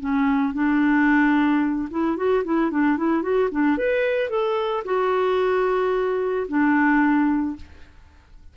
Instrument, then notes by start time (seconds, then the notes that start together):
clarinet
0.00 C#4
0.54 D4
1.90 E4
2.17 F#4
2.44 E4
2.71 D4
2.97 E4
3.22 F#4
3.51 D4
3.78 B4
4.29 A4
4.85 F#4
6.48 D4